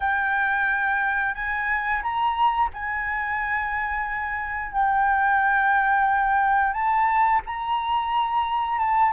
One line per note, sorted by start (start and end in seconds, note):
0.00 1.34 G5
1.34 2.02 G#5
2.02 2.69 A#5
2.73 4.72 G#5
4.72 6.73 G5
6.73 7.40 A5
7.46 8.78 A#5
8.78 9.12 A5